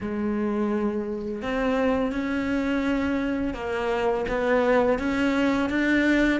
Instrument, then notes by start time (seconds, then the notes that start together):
cello
0.00 G#3
1.42 C4
2.12 C#4
3.54 A#3
4.28 B3
4.98 C#4
5.69 D4